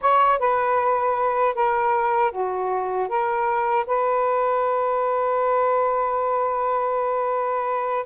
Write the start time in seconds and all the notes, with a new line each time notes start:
0.01 C#5
0.39 B4
1.54 A#4
2.31 F#4
3.08 A#4
3.86 B4